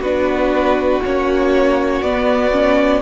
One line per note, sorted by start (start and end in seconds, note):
0.00 1.00 B3
0.00 1.04 D4
0.00 3.01 F#4
0.00 1.02 B4
1.04 2.02 A#3
1.04 2.04 C#4
1.04 2.02 C#5
2.02 3.02 B3
2.02 2.52 B3
2.02 3.02 D5
2.52 3.02 C#4